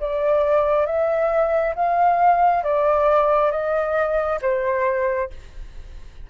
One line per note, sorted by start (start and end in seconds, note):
0.00 0.86 D5
0.86 1.74 E5
1.75 2.64 F5
2.64 3.52 D5
3.52 4.40 D#5
4.42 5.30 C5